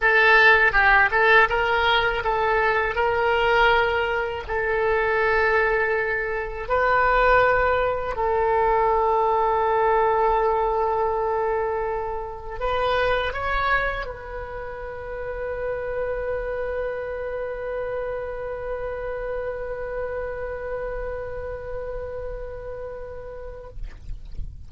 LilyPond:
\new Staff \with { instrumentName = "oboe" } { \time 4/4 \tempo 4 = 81 a'4 g'8 a'8 ais'4 a'4 | ais'2 a'2~ | a'4 b'2 a'4~ | a'1~ |
a'4 b'4 cis''4 b'4~ | b'1~ | b'1~ | b'1 | }